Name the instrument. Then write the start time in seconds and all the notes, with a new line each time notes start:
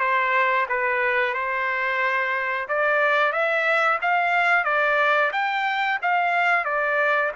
trumpet
0.00 C5
0.69 B4
1.35 C5
2.69 D5
3.33 E5
4.02 F5
4.65 D5
5.33 G5
6.03 F5
6.65 D5